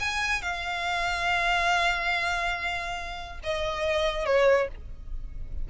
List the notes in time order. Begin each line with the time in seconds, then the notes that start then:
0.00 G#5
0.42 F5
3.43 D#5
4.26 C#5